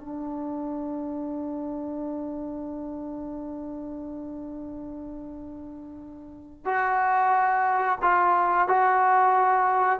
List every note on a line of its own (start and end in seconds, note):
0.00 6.65 D4
6.65 7.98 F#4
8.02 8.68 F4
8.68 10.00 F#4